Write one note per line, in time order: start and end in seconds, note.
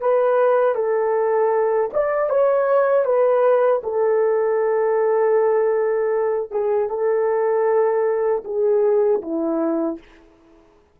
0.00 0.75 B4
0.75 1.90 A4
1.93 2.29 D5
2.29 3.05 C#5
3.05 3.81 B4
3.83 6.51 A4
6.51 6.89 G#4
6.89 8.43 A4
8.44 9.21 G#4
9.22 9.99 E4